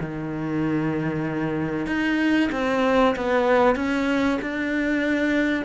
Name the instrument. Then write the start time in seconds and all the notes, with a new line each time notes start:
cello
0.00 D#3
1.86 D#4
2.52 C4
3.16 B3
3.75 C#4
4.41 D4